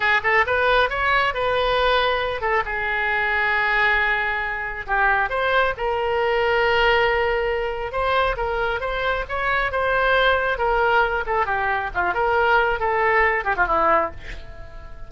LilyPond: \new Staff \with { instrumentName = "oboe" } { \time 4/4 \tempo 4 = 136 gis'8 a'8 b'4 cis''4 b'4~ | b'4. a'8 gis'2~ | gis'2. g'4 | c''4 ais'2.~ |
ais'2 c''4 ais'4 | c''4 cis''4 c''2 | ais'4. a'8 g'4 f'8 ais'8~ | ais'4 a'4. g'16 f'16 e'4 | }